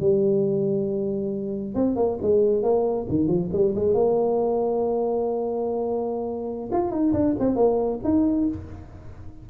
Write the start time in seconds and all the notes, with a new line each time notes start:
0.00 G3
1.75 C4
1.96 A#3
2.22 G#3
2.63 A#3
3.09 D#3
3.27 F3
3.52 G3
3.75 G#3
3.94 A#3
6.72 F4
6.91 D#4
7.13 D4
7.39 C4
7.55 A#3
8.04 D#4